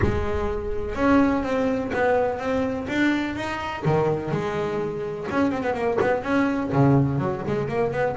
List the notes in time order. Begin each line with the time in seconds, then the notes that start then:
0.02 G#3
0.95 C#4
1.43 C4
1.93 B3
2.38 C4
2.88 D4
3.35 D#4
3.85 D#3
4.31 G#3
5.30 C#4
5.51 C4
5.63 B3
5.74 A#3
6.00 B3
6.22 C#4
6.72 C#3
7.18 F#3
7.47 G#3
7.68 A#3
7.92 B3